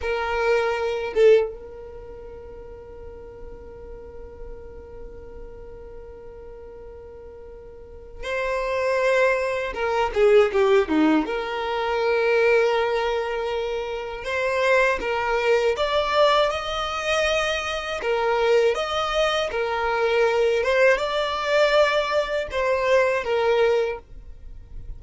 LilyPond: \new Staff \with { instrumentName = "violin" } { \time 4/4 \tempo 4 = 80 ais'4. a'8 ais'2~ | ais'1~ | ais'2. c''4~ | c''4 ais'8 gis'8 g'8 dis'8 ais'4~ |
ais'2. c''4 | ais'4 d''4 dis''2 | ais'4 dis''4 ais'4. c''8 | d''2 c''4 ais'4 | }